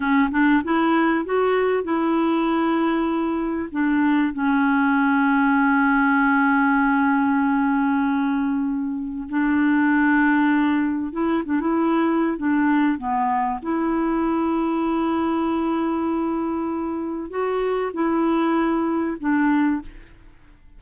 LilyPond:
\new Staff \with { instrumentName = "clarinet" } { \time 4/4 \tempo 4 = 97 cis'8 d'8 e'4 fis'4 e'4~ | e'2 d'4 cis'4~ | cis'1~ | cis'2. d'4~ |
d'2 e'8 d'16 e'4~ e'16 | d'4 b4 e'2~ | e'1 | fis'4 e'2 d'4 | }